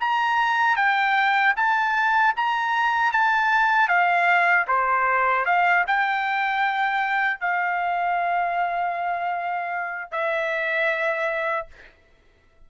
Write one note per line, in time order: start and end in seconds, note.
0.00 0.76 A#5
0.76 1.54 G5
1.56 2.34 A5
2.36 3.12 A#5
3.12 3.88 A5
3.88 4.66 F5
4.67 5.45 C5
5.45 5.84 F5
5.87 7.40 G5
7.40 10.11 F5
10.11 11.67 E5